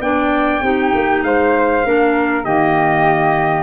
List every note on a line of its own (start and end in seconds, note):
0.00 0.61 B3
0.00 0.62 D4
0.00 0.64 D5
0.00 1.23 G5
0.62 0.92 C4
0.62 1.84 D#4
0.62 1.24 G4
0.94 1.23 A#3
1.23 1.84 G#3
1.23 1.86 C5
1.23 2.45 F5
1.84 2.45 A#3
1.84 2.45 D4
1.84 2.46 A#4
2.45 3.63 D#3
2.45 3.63 A#3
2.45 3.63 G4
2.45 3.63 D#5